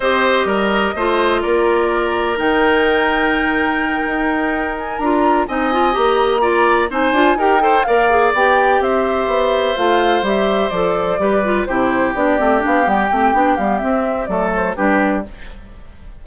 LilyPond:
<<
  \new Staff \with { instrumentName = "flute" } { \time 4/4 \tempo 4 = 126 dis''2. d''4~ | d''4 g''2.~ | g''2 gis''8 ais''4 gis''8~ | gis''8 ais''2 gis''4 g''8~ |
g''8 f''4 g''4 e''4.~ | e''8 f''4 e''4 d''4.~ | d''8 c''4 d''4 f''8 g''4~ | g''8 f''8 e''4 d''8 c''8 b'4 | }
  \new Staff \with { instrumentName = "oboe" } { \time 4/4 c''4 ais'4 c''4 ais'4~ | ais'1~ | ais'2.~ ais'8 dis''8~ | dis''4. d''4 c''4 ais'8 |
c''8 d''2 c''4.~ | c''2.~ c''8 b'8~ | b'8 g'2.~ g'8~ | g'2 a'4 g'4 | }
  \new Staff \with { instrumentName = "clarinet" } { \time 4/4 g'2 f'2~ | f'4 dis'2.~ | dis'2~ dis'8 f'4 dis'8 | f'8 g'4 f'4 dis'8 f'8 g'8 |
a'8 ais'8 gis'8 g'2~ g'8~ | g'8 f'4 g'4 a'4 g'8 | f'8 e'4 d'8 c'8 d'8 b8 c'8 | d'8 b8 c'4 a4 d'4 | }
  \new Staff \with { instrumentName = "bassoon" } { \time 4/4 c'4 g4 a4 ais4~ | ais4 dis2.~ | dis8 dis'2 d'4 c'8~ | c'8 ais2 c'8 d'8 dis'8~ |
dis'8 ais4 b4 c'4 b8~ | b8 a4 g4 f4 g8~ | g8 c4 b8 a8 b8 g8 a8 | b8 g8 c'4 fis4 g4 | }
>>